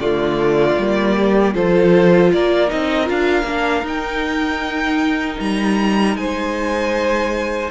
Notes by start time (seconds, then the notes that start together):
0.00 D3 A3 F4 D5
0.78 G3 A#3
1.17 G4
1.55 F3 F4 A4 C5
2.33 A#3 A#4 D5
2.68 C4 D#4 D#5
3.05 D4 F4 F5
3.43 A#3 D4
3.83 D#4 G5
5.40 G3 A#5
6.17 G#3 C5 G#5